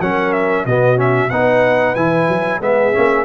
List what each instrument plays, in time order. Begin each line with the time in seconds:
0.00 tuba F#3, trombone C#4, horn A#4, trumpet F#5
0.33 trumpet E5
0.65 tuba B2, trombone B3, horn F#4, trumpet D#5
0.96 trombone C#4, trumpet E5
1.30 tuba B3, trombone D#4, horn B4, trumpet F#5
1.95 tuba E3, trombone E4, trumpet G#5
2.28 tuba F#3
2.60 tuba G#3, trombone B3, horn G#4, trumpet E5
2.93 tuba A#3, trombone C#4